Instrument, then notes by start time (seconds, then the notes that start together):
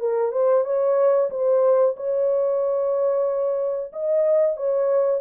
horn
0.00 A#4
0.32 C5
0.64 C#5
1.30 C5
1.97 C#5
3.92 D#5
4.57 C#5